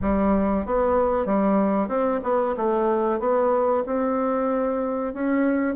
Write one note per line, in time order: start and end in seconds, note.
0.01 0.65 G3
0.65 1.25 B3
1.25 1.88 G3
1.88 2.20 C4
2.23 2.55 B3
2.56 3.19 A3
3.19 3.83 B3
3.86 5.13 C4
5.13 5.75 C#4